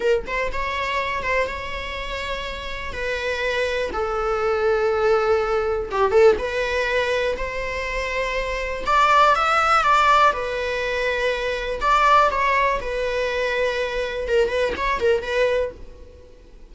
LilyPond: \new Staff \with { instrumentName = "viola" } { \time 4/4 \tempo 4 = 122 ais'8 c''8 cis''4. c''8 cis''4~ | cis''2 b'2 | a'1 | g'8 a'8 b'2 c''4~ |
c''2 d''4 e''4 | d''4 b'2. | d''4 cis''4 b'2~ | b'4 ais'8 b'8 cis''8 ais'8 b'4 | }